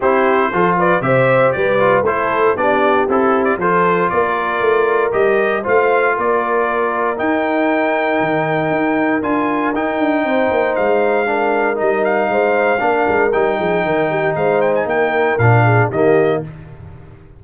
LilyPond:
<<
  \new Staff \with { instrumentName = "trumpet" } { \time 4/4 \tempo 4 = 117 c''4. d''8 e''4 d''4 | c''4 d''4 a'8. d''16 c''4 | d''2 dis''4 f''4 | d''2 g''2~ |
g''2 gis''4 g''4~ | g''4 f''2 dis''8 f''8~ | f''2 g''2 | f''8 g''16 gis''16 g''4 f''4 dis''4 | }
  \new Staff \with { instrumentName = "horn" } { \time 4/4 g'4 a'8 b'8 c''4 b'4 | a'4 g'2 a'4 | ais'2. c''4 | ais'1~ |
ais'1 | c''2 ais'2 | c''4 ais'4. gis'8 ais'8 g'8 | c''4 ais'4. gis'8 g'4 | }
  \new Staff \with { instrumentName = "trombone" } { \time 4/4 e'4 f'4 g'4. f'8 | e'4 d'4 e'4 f'4~ | f'2 g'4 f'4~ | f'2 dis'2~ |
dis'2 f'4 dis'4~ | dis'2 d'4 dis'4~ | dis'4 d'4 dis'2~ | dis'2 d'4 ais4 | }
  \new Staff \with { instrumentName = "tuba" } { \time 4/4 c'4 f4 c4 g4 | a4 b4 c'4 f4 | ais4 a4 g4 a4 | ais2 dis'2 |
dis4 dis'4 d'4 dis'8 d'8 | c'8 ais8 gis2 g4 | gis4 ais8 gis8 g8 f8 dis4 | gis4 ais4 ais,4 dis4 | }
>>